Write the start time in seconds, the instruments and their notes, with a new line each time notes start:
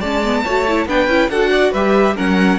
0.00 cello G#3, viola C#4, violin D5 A5
0.25 viola B3
0.45 cello A3, viola F#4, violin C#5
0.68 viola E4
0.87 cello B3, viola D4, violin B4 G5
1.07 cello C#4, viola E4
1.30 cello D4, viola F#4, violin A4 F#5
1.51 violin D5
1.72 cello G3, viola G4, violin B4 E5
2.16 cello F#3, viola C#4, violin A#4 F#5